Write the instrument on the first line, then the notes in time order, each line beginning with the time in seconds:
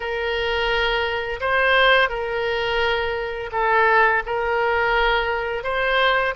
oboe
0.00 A#4
1.40 C5
2.09 A#4
3.52 A4
4.25 A#4
5.63 C5